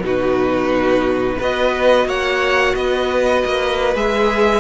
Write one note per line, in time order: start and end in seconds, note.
0.00 1.36 B2
0.00 1.40 D#4
0.00 1.39 F#4
0.06 1.42 B4
1.39 2.06 B3
1.39 3.95 F#4
1.39 2.07 B4
1.39 2.09 D#5
2.06 2.74 A#3
2.06 2.76 C#5
2.06 2.75 F#5
2.75 3.44 B3
2.75 4.61 B4
2.75 3.95 D#5
3.45 3.95 A#3
3.95 4.61 G#3
3.95 4.61 G#4
3.95 4.61 E5